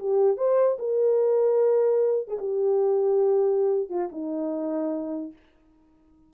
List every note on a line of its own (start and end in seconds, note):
0.00 0.38 G4
0.38 0.78 C5
0.79 2.28 A#4
2.28 2.38 G#4
2.39 3.90 G4
3.90 4.10 F4
4.12 5.33 D#4